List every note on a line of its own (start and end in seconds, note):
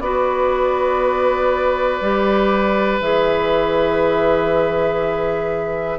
0.00 2.00 B3
0.00 2.02 F#4
0.00 5.99 B4
0.00 3.00 D5
2.01 3.00 G3
2.01 3.01 G4
3.00 5.99 E3
3.00 5.99 G#4
3.00 5.99 E5